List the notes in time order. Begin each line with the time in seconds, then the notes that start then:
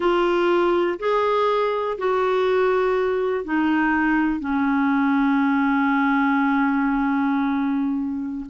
0.00 F4
0.99 G#4
1.98 F#4
3.44 D#4
4.40 C#4